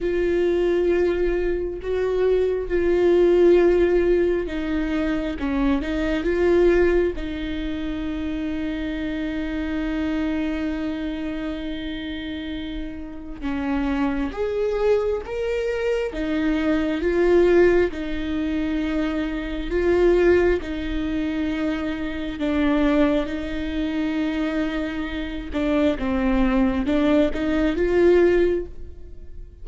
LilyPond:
\new Staff \with { instrumentName = "viola" } { \time 4/4 \tempo 4 = 67 f'2 fis'4 f'4~ | f'4 dis'4 cis'8 dis'8 f'4 | dis'1~ | dis'2. cis'4 |
gis'4 ais'4 dis'4 f'4 | dis'2 f'4 dis'4~ | dis'4 d'4 dis'2~ | dis'8 d'8 c'4 d'8 dis'8 f'4 | }